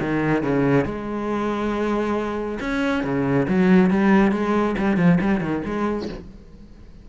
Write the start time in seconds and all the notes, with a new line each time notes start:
0.00 D#3
0.43 C#3
0.85 G#3
2.60 C#4
3.03 C#3
3.48 F#3
3.90 G3
4.31 G#3
4.78 G3
4.97 F3
5.21 G3
5.41 D#3
5.65 G#3